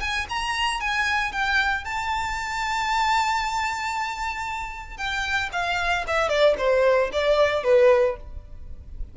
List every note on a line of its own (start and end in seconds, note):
0.00 0.26 G#5
0.29 0.80 A#5
0.80 1.32 G#5
1.32 1.84 G5
1.84 4.97 A5
4.97 5.50 G5
5.52 6.05 F5
6.07 6.29 E5
6.29 6.55 D5
6.58 7.10 C5
7.12 7.64 D5
7.64 8.16 B4